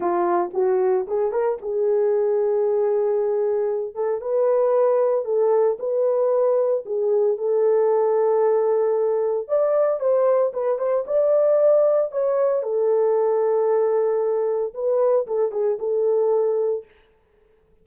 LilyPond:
\new Staff \with { instrumentName = "horn" } { \time 4/4 \tempo 4 = 114 f'4 fis'4 gis'8 ais'8 gis'4~ | gis'2.~ gis'8 a'8 | b'2 a'4 b'4~ | b'4 gis'4 a'2~ |
a'2 d''4 c''4 | b'8 c''8 d''2 cis''4 | a'1 | b'4 a'8 gis'8 a'2 | }